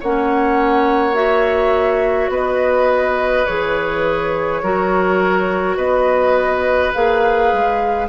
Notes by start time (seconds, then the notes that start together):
0.00 A#3 C#4 C#5 F#5
1.14 F#4 E5
2.29 B3 B4 D#5
3.46 E3 G#4 C#5
4.62 F#3 F#4 A#4
5.76 B3 B4 D#5
6.94 A#3 G#4 F5
7.53 G#3